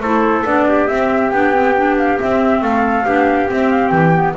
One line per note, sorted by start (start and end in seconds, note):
0.00 0.43 A3
0.00 0.46 E4
0.00 0.67 A4
0.00 0.44 C5
0.45 0.88 B3
0.45 0.88 D4
0.45 0.87 D5
0.68 2.62 G4
0.87 1.31 C4
0.87 1.30 E5
1.30 2.18 B3
1.30 1.53 D4
1.30 1.95 G5
1.53 1.74 C4
1.76 2.18 D4
1.97 2.19 F5
2.18 3.05 C4
2.18 2.61 C4
2.18 2.63 E5
2.61 3.05 A3
2.61 3.05 A4
2.61 3.50 F5
3.05 3.49 B3
3.05 3.48 D4
3.05 4.36 G4
3.48 4.13 C4
3.48 3.91 C4
3.48 3.70 E5
3.70 3.88 F5
3.88 4.35 E3
3.88 4.32 G5
4.13 4.35 B3